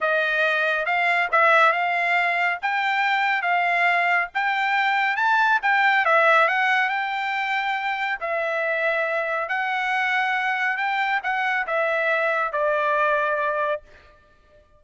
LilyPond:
\new Staff \with { instrumentName = "trumpet" } { \time 4/4 \tempo 4 = 139 dis''2 f''4 e''4 | f''2 g''2 | f''2 g''2 | a''4 g''4 e''4 fis''4 |
g''2. e''4~ | e''2 fis''2~ | fis''4 g''4 fis''4 e''4~ | e''4 d''2. | }